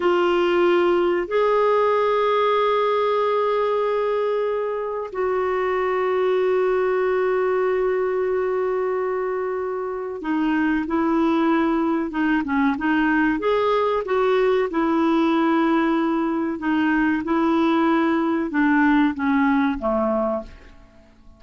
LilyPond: \new Staff \with { instrumentName = "clarinet" } { \time 4/4 \tempo 4 = 94 f'2 gis'2~ | gis'1 | fis'1~ | fis'1 |
dis'4 e'2 dis'8 cis'8 | dis'4 gis'4 fis'4 e'4~ | e'2 dis'4 e'4~ | e'4 d'4 cis'4 a4 | }